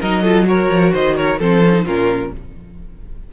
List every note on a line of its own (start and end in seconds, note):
0.00 0.69 F#3
0.00 0.23 D#4
0.00 0.22 A#4
0.00 0.47 D#5
0.22 0.46 F4
0.22 0.45 A4
0.46 1.38 F#4
0.46 0.92 A#4
0.46 0.94 C#5
0.69 0.92 F3
0.92 1.39 D#3
0.92 1.15 C5
0.92 1.17 D#5
1.16 1.39 A#4
1.16 1.40 C#5
1.39 1.85 F3
1.39 1.63 C4
1.39 1.85 A4
1.39 1.86 C5
1.65 1.73 C#4
1.73 1.84 D#4
1.85 2.31 A#2
1.85 2.32 C#4
1.85 2.31 F4
1.85 2.32 A#4